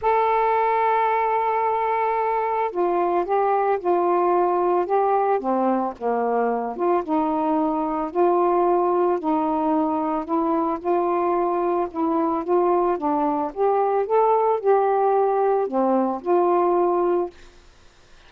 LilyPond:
\new Staff \with { instrumentName = "saxophone" } { \time 4/4 \tempo 4 = 111 a'1~ | a'4 f'4 g'4 f'4~ | f'4 g'4 c'4 ais4~ | ais8 f'8 dis'2 f'4~ |
f'4 dis'2 e'4 | f'2 e'4 f'4 | d'4 g'4 a'4 g'4~ | g'4 c'4 f'2 | }